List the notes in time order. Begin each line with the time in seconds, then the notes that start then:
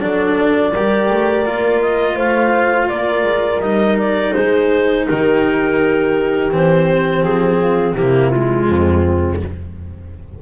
0.00 F#3 D4 A4 D5
0.73 G3 G4 A#4
1.10 A3
1.45 A#3 F4
1.81 D#5
2.15 A3 C5 F5
2.89 A#3 A#4 D5
3.23 G#3
3.60 G3 D#4 D#5
3.98 D5
4.33 G#3 G#4 C5
5.08 D#3 G4 A#4
6.51 E3 C4 C5
7.22 F3 G#4
7.60 F4
7.94 C3 A#3 E4 G4
8.29 G#3 F4
8.68 F2 C4